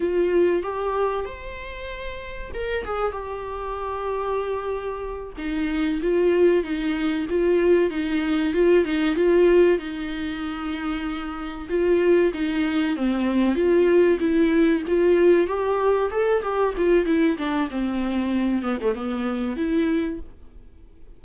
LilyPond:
\new Staff \with { instrumentName = "viola" } { \time 4/4 \tempo 4 = 95 f'4 g'4 c''2 | ais'8 gis'8 g'2.~ | g'8 dis'4 f'4 dis'4 f'8~ | f'8 dis'4 f'8 dis'8 f'4 dis'8~ |
dis'2~ dis'8 f'4 dis'8~ | dis'8 c'4 f'4 e'4 f'8~ | f'8 g'4 a'8 g'8 f'8 e'8 d'8 | c'4. b16 a16 b4 e'4 | }